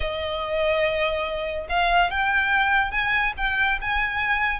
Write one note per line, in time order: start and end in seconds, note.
0.00 1.67 D#5
1.69 2.10 F5
2.10 2.91 G5
2.91 3.33 G#5
3.37 3.79 G5
3.81 4.60 G#5